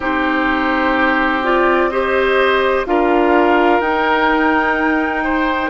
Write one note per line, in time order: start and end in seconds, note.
0.00 2.85 C4
0.00 1.43 D#4
0.00 1.89 G4
0.00 1.44 C5
1.43 1.91 F4
1.43 1.90 D5
1.90 2.86 G4
1.90 2.86 C5
1.90 2.85 D#5
2.86 3.80 D4
2.86 3.81 F4
2.86 5.23 A#4
2.86 3.81 F5
3.80 5.70 D#4
3.80 5.70 G5
5.23 5.70 C5